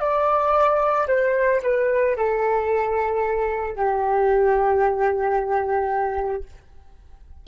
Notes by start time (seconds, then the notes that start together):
0.00 D5
1.08 C5
1.62 B4
2.16 A4
3.75 G4